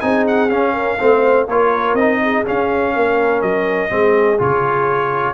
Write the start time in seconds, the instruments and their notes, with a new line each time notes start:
0.00 tuba C4, trombone D#4, horn G#4, trumpet G#5
0.27 trumpet F#5
0.49 tuba C#4, trombone C#4, trumpet F5
0.73 horn A#4
0.99 tuba A3, trombone C4, horn C5
1.47 tuba A#3, trombone F4, horn A#4, trumpet C#5
1.93 tuba C4, trombone D#4, trumpet D#5
2.22 horn G#4
2.45 trombone C#4, tuba C#4, trumpet F5
2.93 tuba A#3, horn A#4
3.42 tuba F#3, trumpet D#5
3.89 tuba G#3, trombone C4, horn G#4
4.38 tuba C#3, trombone F4, trumpet C#5